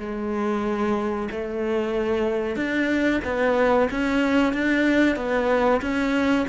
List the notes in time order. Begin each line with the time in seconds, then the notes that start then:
0.00 G#3
1.31 A3
2.56 D4
3.25 B3
3.91 C#4
4.54 D4
5.16 B3
5.82 C#4